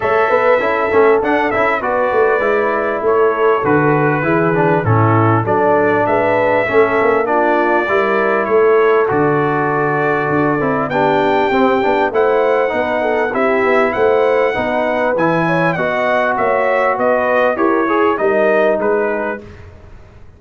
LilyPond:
<<
  \new Staff \with { instrumentName = "trumpet" } { \time 4/4 \tempo 4 = 99 e''2 fis''8 e''8 d''4~ | d''4 cis''4 b'2 | a'4 d''4 e''2 | d''2 cis''4 d''4~ |
d''2 g''2 | fis''2 e''4 fis''4~ | fis''4 gis''4 fis''4 e''4 | dis''4 cis''4 dis''4 b'4 | }
  \new Staff \with { instrumentName = "horn" } { \time 4/4 cis''8 b'8 a'2 b'4~ | b'4 a'2 gis'4 | e'4 a'4 b'4 a'4 | f'4 ais'4 a'2~ |
a'2 g'2 | c''4 b'8 a'8 g'4 c''4 | b'4. cis''8 dis''4 cis''4 | b'4 ais'8 gis'8 ais'4 gis'4 | }
  \new Staff \with { instrumentName = "trombone" } { \time 4/4 a'4 e'8 cis'8 d'8 e'8 fis'4 | e'2 fis'4 e'8 d'8 | cis'4 d'2 cis'4 | d'4 e'2 fis'4~ |
fis'4. e'8 d'4 c'8 d'8 | e'4 dis'4 e'2 | dis'4 e'4 fis'2~ | fis'4 g'8 gis'8 dis'2 | }
  \new Staff \with { instrumentName = "tuba" } { \time 4/4 a8 b8 cis'8 a8 d'8 cis'8 b8 a8 | gis4 a4 d4 e4 | a,4 fis4 gis4 a8 ais8~ | ais4 g4 a4 d4~ |
d4 d'8 c'8 b4 c'8 b8 | a4 b4 c'8 b8 a4 | b4 e4 b4 ais4 | b4 e'4 g4 gis4 | }
>>